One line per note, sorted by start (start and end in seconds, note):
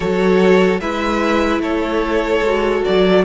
0.00 0.80 F#3
0.00 0.80 F#4
0.00 0.80 A4
0.00 0.80 C#5
0.80 1.59 G#3
0.80 2.43 E4
0.80 1.61 B4
0.80 1.61 E5
1.59 2.40 A3
1.59 3.23 A4
1.59 2.83 C#5
2.41 2.82 G#3
2.41 3.25 F#4
2.84 3.25 F#3
2.84 3.24 D5